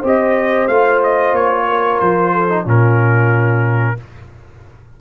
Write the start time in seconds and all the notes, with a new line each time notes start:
0.00 C4 G4 C5
0.07 D#5
0.68 A3 F4 F5
1.04 D#5
1.33 A#3 C#5
1.69 A#4
2.00 F3 C5
2.34 A4
2.50 D#4
2.64 A#2 C#4 F4 A#4